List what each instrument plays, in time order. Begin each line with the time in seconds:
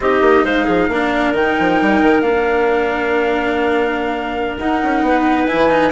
0.00 bassoon C4, cello D#4, clarinet G4, flute D#5
0.21 bassoon A#3
0.44 bassoon G#3, clarinet C5, flute F5
0.64 bassoon F3, clarinet G#4
0.88 bassoon A#3, cello D4, clarinet A#4
1.32 bassoon D#3, cello D#4, flute G5
1.59 bassoon F3
1.81 bassoon G3
2.02 bassoon D#3
2.21 bassoon A#3, cello D4, flute F5
4.58 bassoon D#4, cello D#4, flute F#5
4.83 bassoon C#4
5.01 bassoon B3, clarinet B4
5.46 cello E4, flute G#5
5.53 bassoon E3
5.69 cello D#4